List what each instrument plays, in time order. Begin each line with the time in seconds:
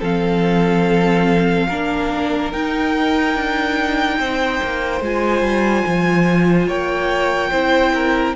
0.00 cello F3, viola C4, violin A4 F5
1.68 cello A#3, viola D4, violin A#4
2.52 viola D#4, cello D#4, violin G5
3.35 cello D4
4.19 cello C4, violin C5
4.63 cello A#3
5.01 cello G#3, viola F4, violin G#5
5.42 cello G3
5.87 cello F3
6.68 cello A#3, violin C#5 G5
7.51 cello C4, viola E4, violin C5
7.94 violin A#4